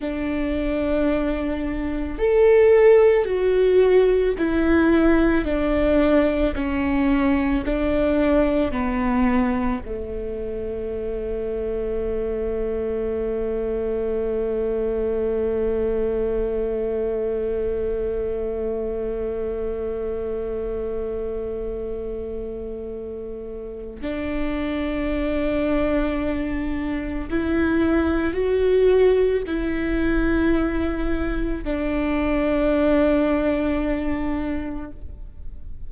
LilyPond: \new Staff \with { instrumentName = "viola" } { \time 4/4 \tempo 4 = 55 d'2 a'4 fis'4 | e'4 d'4 cis'4 d'4 | b4 a2.~ | a1~ |
a1~ | a2 d'2~ | d'4 e'4 fis'4 e'4~ | e'4 d'2. | }